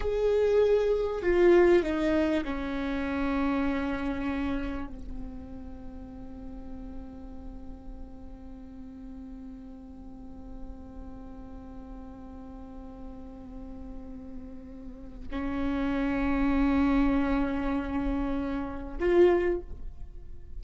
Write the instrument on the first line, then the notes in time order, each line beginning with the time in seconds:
viola
0.00 G#4
1.22 F4
1.83 D#4
2.44 C#4
4.87 C4
15.31 C#4
18.99 F4